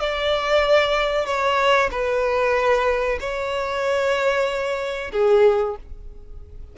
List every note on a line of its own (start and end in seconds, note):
0.00 1.26 D5
1.26 1.90 C#5
1.91 3.19 B4
3.20 5.12 C#5
5.12 5.76 G#4